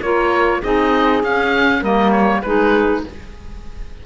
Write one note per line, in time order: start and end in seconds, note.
0.00 0.61 A#3
0.00 0.63 F4
0.00 0.60 A#4
0.00 0.61 C#5
0.60 1.23 C4
0.60 1.23 D#4
0.60 1.79 G#4
0.60 1.22 D#5
1.23 1.82 C#4
1.23 1.83 F5
1.79 2.42 G3
1.79 2.43 A#3
1.79 2.39 A#4
1.79 2.11 D#5
2.11 2.41 C#5
2.42 3.04 G#3
2.42 3.05 D#4
2.42 3.04 G#4
2.42 3.02 B4